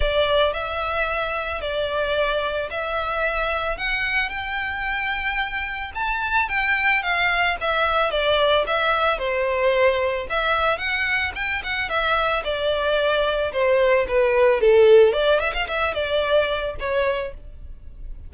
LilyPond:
\new Staff \with { instrumentName = "violin" } { \time 4/4 \tempo 4 = 111 d''4 e''2 d''4~ | d''4 e''2 fis''4 | g''2. a''4 | g''4 f''4 e''4 d''4 |
e''4 c''2 e''4 | fis''4 g''8 fis''8 e''4 d''4~ | d''4 c''4 b'4 a'4 | d''8 e''16 f''16 e''8 d''4. cis''4 | }